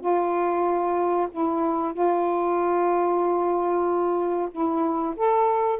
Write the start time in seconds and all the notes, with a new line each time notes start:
0.00 F4
1.31 E4
1.93 F4
4.51 E4
5.16 A4